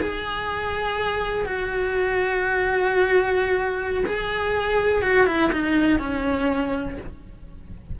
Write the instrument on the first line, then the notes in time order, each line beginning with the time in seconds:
cello
0.00 G#4
1.46 F#4
4.05 G#4
5.02 F#4
5.26 E4
5.52 D#4
5.99 C#4